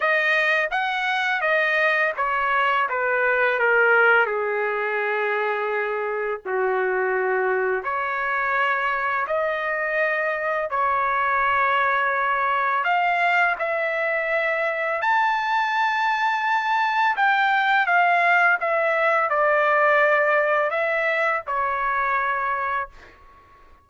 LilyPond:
\new Staff \with { instrumentName = "trumpet" } { \time 4/4 \tempo 4 = 84 dis''4 fis''4 dis''4 cis''4 | b'4 ais'4 gis'2~ | gis'4 fis'2 cis''4~ | cis''4 dis''2 cis''4~ |
cis''2 f''4 e''4~ | e''4 a''2. | g''4 f''4 e''4 d''4~ | d''4 e''4 cis''2 | }